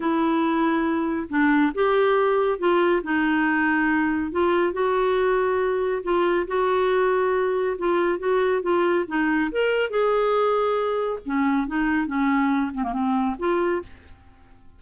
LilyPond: \new Staff \with { instrumentName = "clarinet" } { \time 4/4 \tempo 4 = 139 e'2. d'4 | g'2 f'4 dis'4~ | dis'2 f'4 fis'4~ | fis'2 f'4 fis'4~ |
fis'2 f'4 fis'4 | f'4 dis'4 ais'4 gis'4~ | gis'2 cis'4 dis'4 | cis'4. c'16 ais16 c'4 f'4 | }